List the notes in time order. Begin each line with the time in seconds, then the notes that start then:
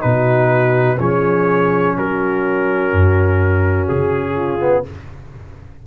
0.00 B2 D#4 F#4 B4
0.98 F3 C#4 G#4 C#5
1.96 F#3 F#4 A#4
2.92 F#2
3.88 C#3 G#4
4.35 F4
4.59 B3